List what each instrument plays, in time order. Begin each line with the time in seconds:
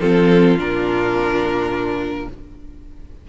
0.00 cello F3, viola C4, violin F4 A4
0.58 cello A#2, viola D4, violin A#4